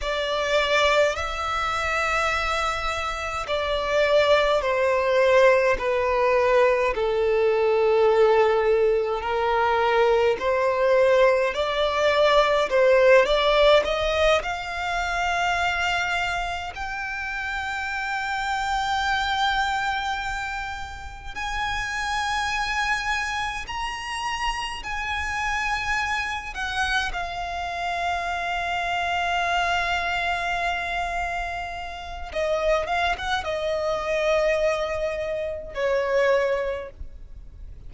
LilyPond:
\new Staff \with { instrumentName = "violin" } { \time 4/4 \tempo 4 = 52 d''4 e''2 d''4 | c''4 b'4 a'2 | ais'4 c''4 d''4 c''8 d''8 | dis''8 f''2 g''4.~ |
g''2~ g''8 gis''4.~ | gis''8 ais''4 gis''4. fis''8 f''8~ | f''1 | dis''8 f''16 fis''16 dis''2 cis''4 | }